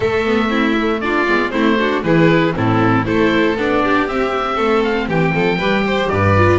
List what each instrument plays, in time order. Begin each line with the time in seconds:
0.00 viola A3, double bass A3, violin A4, oboe E5
0.25 viola B3
0.48 viola C4, violin E4
0.80 viola A3
1.00 viola D4, violin F4, oboe D5
1.27 double bass G#3, viola B3
1.50 double bass A3, viola C4, violin E4, oboe C5
1.79 viola D4, violin F#4
2.03 double bass E3, viola E4, violin G#4, oboe B4
2.53 double bass A2, viola C4, violin E4, oboe A4
3.04 double bass A3, viola E4, violin A4, oboe C5
3.56 double bass B3, viola D4, oboe D5
3.83 violin G4
4.07 double bass C4, viola C4, oboe E5
4.55 double bass A3, violin A4
4.83 oboe F5
5.08 double bass E3, violin G4, oboe G5
5.34 double bass F3, violin A4
5.58 double bass G3, viola G4, violin B4
5.86 violin C5
6.08 double bass G2, violin B4, oboe D5
6.37 viola F4